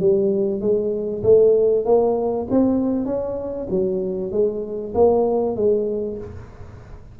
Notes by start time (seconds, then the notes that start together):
0.00 G3
0.61 G#3
1.23 A3
1.86 A#3
2.51 C4
3.06 C#4
3.70 F#3
4.32 G#3
4.95 A#3
5.56 G#3